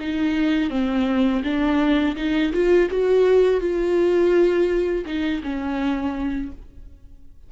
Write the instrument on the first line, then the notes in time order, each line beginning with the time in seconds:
viola
0.00 D#4
0.70 C4
1.44 D4
2.16 D#4
2.53 F4
2.90 F#4
3.61 F4
5.06 D#4
5.43 C#4